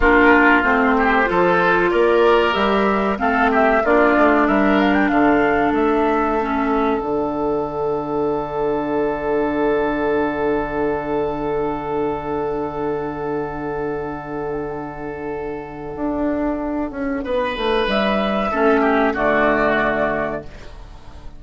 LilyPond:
<<
  \new Staff \with { instrumentName = "flute" } { \time 4/4 \tempo 4 = 94 ais'4 c''2 d''4 | e''4 f''8 e''8 d''4 e''8 f''16 g''16 | f''4 e''2 fis''4~ | fis''1~ |
fis''1~ | fis''1~ | fis''1 | e''2 d''2 | }
  \new Staff \with { instrumentName = "oboe" } { \time 4/4 f'4. g'8 a'4 ais'4~ | ais'4 a'8 g'8 f'4 ais'4 | a'1~ | a'1~ |
a'1~ | a'1~ | a'2. b'4~ | b'4 a'8 g'8 fis'2 | }
  \new Staff \with { instrumentName = "clarinet" } { \time 4/4 d'4 c'4 f'2 | g'4 c'4 d'2~ | d'2 cis'4 d'4~ | d'1~ |
d'1~ | d'1~ | d'1~ | d'4 cis'4 a2 | }
  \new Staff \with { instrumentName = "bassoon" } { \time 4/4 ais4 a4 f4 ais4 | g4 a4 ais8 a8 g4 | d4 a2 d4~ | d1~ |
d1~ | d1~ | d4 d'4. cis'8 b8 a8 | g4 a4 d2 | }
>>